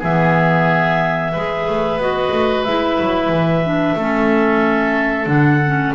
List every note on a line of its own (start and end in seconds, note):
0.00 1.35 E3
0.00 1.34 B3
0.00 1.32 G#4
0.00 2.01 E5
1.33 1.68 G#3
1.33 2.00 G#4
1.33 3.97 B4
1.68 1.97 A3
1.97 2.30 B3
1.97 2.66 F#4
1.97 2.64 D#5
2.31 2.64 A3
2.64 2.99 G#3
2.64 3.65 E4
2.64 5.28 E5
3.01 3.29 F#3
3.29 3.95 E3
3.65 3.98 D4
3.96 5.27 A3
3.96 5.27 C#4
3.96 5.95 A4
5.27 5.93 D3
5.27 5.60 D4
5.27 5.94 F#5
5.67 5.95 C#4